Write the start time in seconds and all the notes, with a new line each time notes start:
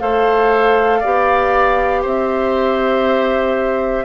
0.00 A3 A4 C5 F5
1.00 B3 G4 D5
2.02 C4 C5 E5